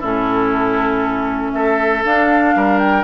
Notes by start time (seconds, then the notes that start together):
0.00 A2 C#4 E4 A4
1.52 A3 A4 E5
2.04 D4 F5
2.55 G3 A#4
2.79 G5